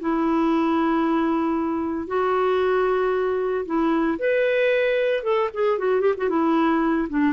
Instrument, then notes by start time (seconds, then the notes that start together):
clarinet
0.00 E4
2.07 F#4
3.66 E4
4.19 B4
5.23 A4
5.54 G#4
5.78 F#4
6.01 G4
6.17 F#4
6.29 E4
7.09 D4